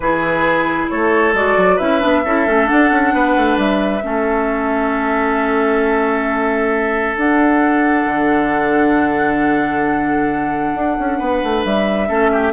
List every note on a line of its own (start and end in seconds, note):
0.00 0.87 E3
0.00 1.35 E4
0.00 0.90 G#4
0.00 0.88 B4
0.89 1.33 A3
0.89 1.76 A4
0.89 1.34 C#5
1.33 1.56 G#3
1.33 1.79 F#4
1.33 1.78 D5
1.56 1.79 F#3
1.76 2.03 C#4
1.76 2.00 E4
1.76 2.21 B4
1.76 2.68 E5
2.00 2.25 B3
2.00 2.22 D4
2.24 2.46 C#4
2.24 2.46 E4
2.24 3.14 A4
2.46 2.69 A3
2.46 2.65 C#4
2.65 3.99 D4
2.65 3.57 F#5
2.71 2.90 D4
2.90 3.13 C#4
3.13 3.35 B3
3.13 4.03 B4
3.36 3.57 A3
3.57 4.02 G3
3.57 7.17 E5
4.03 7.16 A3
4.03 7.16 C#4
4.03 11.18 A4
7.16 8.05 D4
7.16 12.08 D4
7.16 11.64 F#5
8.05 10.73 D3
10.74 10.96 D4
10.99 11.20 C#4
11.18 11.42 B3
11.18 12.08 B4
11.43 11.64 A3
11.64 12.09 G3
11.64 12.52 E5
12.08 12.52 A3
12.08 12.52 C#4
12.08 12.30 A4
12.32 12.52 G4